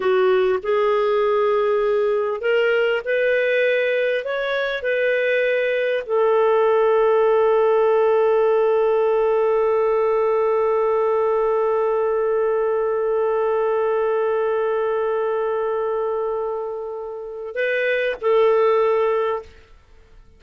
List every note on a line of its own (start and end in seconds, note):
0.00 0.59 F#4
0.62 2.40 G#4
2.40 3.01 A#4
3.04 4.24 B4
4.24 4.82 C#5
4.82 6.03 B4
6.06 17.55 A4
17.55 18.15 B4
18.21 19.42 A4